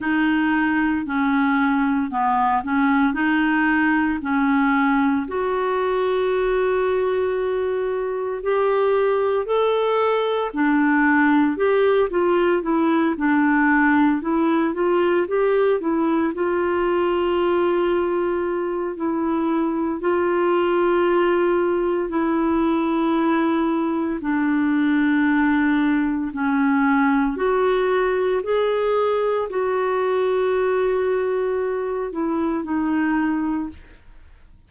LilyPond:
\new Staff \with { instrumentName = "clarinet" } { \time 4/4 \tempo 4 = 57 dis'4 cis'4 b8 cis'8 dis'4 | cis'4 fis'2. | g'4 a'4 d'4 g'8 f'8 | e'8 d'4 e'8 f'8 g'8 e'8 f'8~ |
f'2 e'4 f'4~ | f'4 e'2 d'4~ | d'4 cis'4 fis'4 gis'4 | fis'2~ fis'8 e'8 dis'4 | }